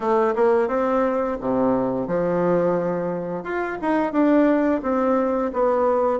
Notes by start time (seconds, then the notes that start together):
0.00 A3
0.35 A#3
0.68 C4
1.40 C3
2.07 F3
3.43 F4
3.81 D#4
4.12 D4
4.82 C4
5.53 B3